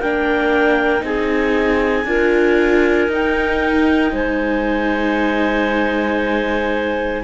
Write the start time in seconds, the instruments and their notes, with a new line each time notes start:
0.00 cello A#3, viola D4, clarinet A#4 G5
1.00 cello C4, viola D#4, clarinet G#4 G#5
2.05 cello D4, viola F4, clarinet A#4
3.08 cello D#4, viola D#4
3.14 clarinet G5
4.12 cello G#3, clarinet C5 G#5